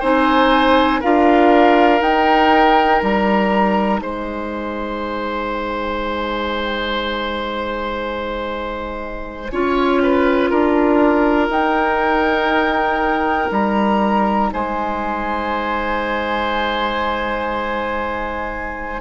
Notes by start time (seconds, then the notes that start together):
0.00 C4 D#4 C5 G#5
1.00 D4 F4 A#4 F5
1.99 D#4 G5
3.02 G3 A#5
4.00 G#3 C5 G#5
9.52 C#4 F4 C#5
10.02 B4
10.50 D4 A#4
11.48 D#4 G5
13.51 G3 A#5
14.53 G#3 C5 G#5